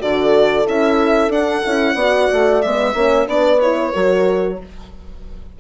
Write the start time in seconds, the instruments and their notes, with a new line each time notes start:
0.00 bassoon D3, horn F#4 A4, violin D5
0.65 bassoon C#4, horn E4, violin E5
1.29 bassoon D4, horn D4, violin F#5
1.65 bassoon C#4, horn E4
1.95 bassoon B3, horn F#4 D5
2.33 bassoon A3
2.62 bassoon G#3, horn B3, violin E5
2.94 bassoon A#3, horn C#4 C#5
3.27 bassoon B3, horn D4 B4, violin D5
3.61 horn E4, violin C#5
3.92 bassoon F#3, horn F#4 A#4